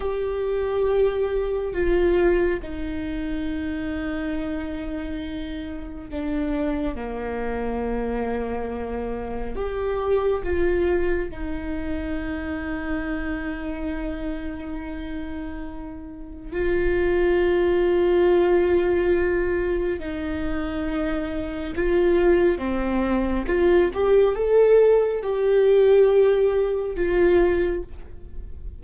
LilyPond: \new Staff \with { instrumentName = "viola" } { \time 4/4 \tempo 4 = 69 g'2 f'4 dis'4~ | dis'2. d'4 | ais2. g'4 | f'4 dis'2.~ |
dis'2. f'4~ | f'2. dis'4~ | dis'4 f'4 c'4 f'8 g'8 | a'4 g'2 f'4 | }